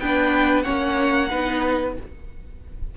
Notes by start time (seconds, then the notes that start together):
0.00 B3 D4 B4 G5
0.62 C#4 C#5 F#5
0.69 A#3
1.31 B3 D#4 B4